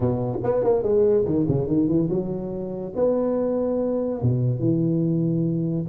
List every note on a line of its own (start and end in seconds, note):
0.00 0.39 B2
0.43 0.63 B3
0.63 0.82 A#3
0.82 1.24 G#3
1.25 1.46 D#3
1.48 1.67 C#3
1.67 1.87 D#3
1.87 2.08 E3
2.09 2.93 F#3
2.95 4.21 B3
4.22 4.59 B2
4.59 5.85 E3